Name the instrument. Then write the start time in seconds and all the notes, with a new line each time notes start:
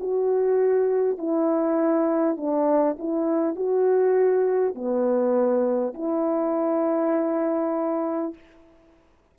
horn
0.00 F#4
1.18 E4
2.37 D4
2.99 E4
3.56 F#4
4.75 B3
5.94 E4